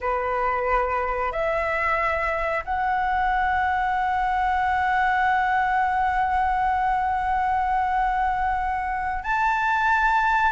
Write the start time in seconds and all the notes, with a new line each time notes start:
0.00 B4
1.32 E5
2.65 F#5
9.23 A5